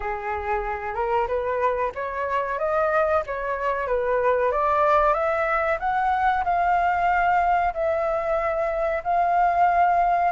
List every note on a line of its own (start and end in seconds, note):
0.00 0.94 G#4
0.94 1.27 A#4
1.27 1.92 B4
1.94 2.58 C#5
2.58 3.23 D#5
3.26 3.87 C#5
3.87 4.51 B4
4.51 5.13 D5
5.13 5.78 E5
5.79 6.43 F#5
6.44 7.73 F5
7.73 9.02 E5
9.03 10.32 F5